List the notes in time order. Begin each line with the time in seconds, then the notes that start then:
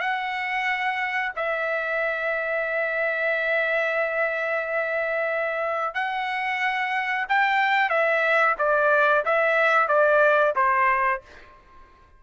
0.00 F#5
1.36 E5
5.94 F#5
7.29 G5
7.89 E5
8.58 D5
9.25 E5
9.88 D5
10.55 C5